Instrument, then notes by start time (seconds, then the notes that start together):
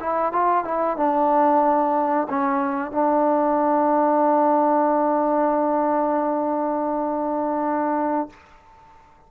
trombone
0.00 E4
0.33 F4
0.64 E4
0.97 D4
2.29 C#4
2.92 D4